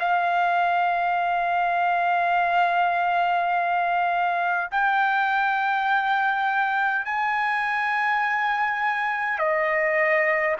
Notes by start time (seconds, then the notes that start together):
0.00 F5
4.71 G5
7.05 G#5
9.39 D#5